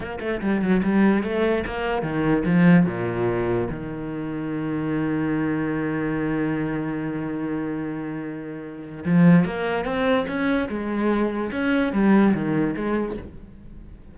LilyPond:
\new Staff \with { instrumentName = "cello" } { \time 4/4 \tempo 4 = 146 ais8 a8 g8 fis8 g4 a4 | ais4 dis4 f4 ais,4~ | ais,4 dis2.~ | dis1~ |
dis1~ | dis2 f4 ais4 | c'4 cis'4 gis2 | cis'4 g4 dis4 gis4 | }